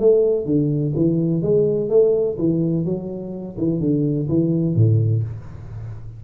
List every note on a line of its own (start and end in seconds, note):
0.00 0.46 A3
0.46 0.93 D3
0.95 1.42 E3
1.42 1.90 G#3
1.90 2.37 A3
2.38 2.85 E3
2.85 3.57 F#3
3.58 3.81 E3
3.81 4.28 D3
4.29 4.76 E3
4.76 5.23 A2